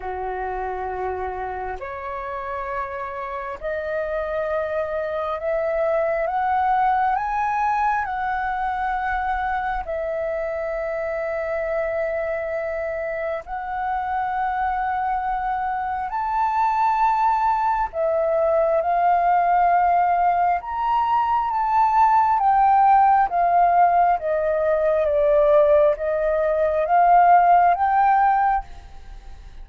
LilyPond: \new Staff \with { instrumentName = "flute" } { \time 4/4 \tempo 4 = 67 fis'2 cis''2 | dis''2 e''4 fis''4 | gis''4 fis''2 e''4~ | e''2. fis''4~ |
fis''2 a''2 | e''4 f''2 ais''4 | a''4 g''4 f''4 dis''4 | d''4 dis''4 f''4 g''4 | }